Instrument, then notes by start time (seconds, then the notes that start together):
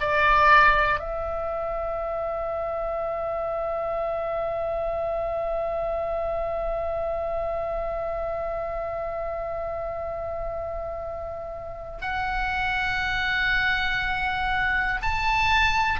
oboe
0.00 D5
0.99 E5
12.01 F#5
15.02 A5